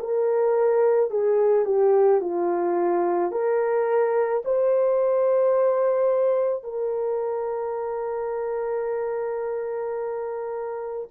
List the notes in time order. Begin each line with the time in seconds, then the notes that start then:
0.00 A#4
1.11 G#4
1.66 G4
2.21 F4
3.32 A#4
4.45 C5
6.64 A#4